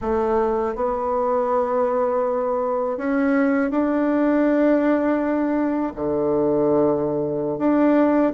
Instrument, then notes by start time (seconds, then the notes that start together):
bassoon
0.01 A3
0.75 B3
2.97 C#4
3.70 D4
5.95 D3
7.58 D4